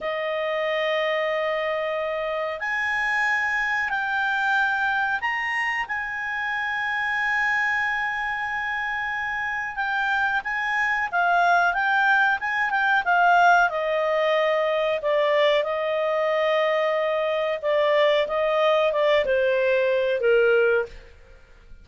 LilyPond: \new Staff \with { instrumentName = "clarinet" } { \time 4/4 \tempo 4 = 92 dis''1 | gis''2 g''2 | ais''4 gis''2.~ | gis''2. g''4 |
gis''4 f''4 g''4 gis''8 g''8 | f''4 dis''2 d''4 | dis''2. d''4 | dis''4 d''8 c''4. ais'4 | }